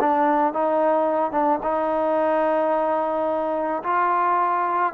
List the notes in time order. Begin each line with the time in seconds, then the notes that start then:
0.00 D4
0.53 D#4
1.32 D4
1.63 D#4
3.83 F4